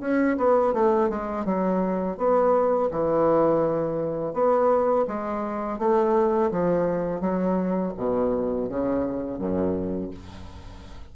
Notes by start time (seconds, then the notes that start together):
0.00 C#4
0.37 B3
0.73 A3
1.09 G#3
1.45 F#3
2.17 B3
2.91 E3
4.33 B3
5.07 G#3
5.78 A3
6.51 F3
7.20 F#3
7.97 B2
8.69 C#3
9.38 F#2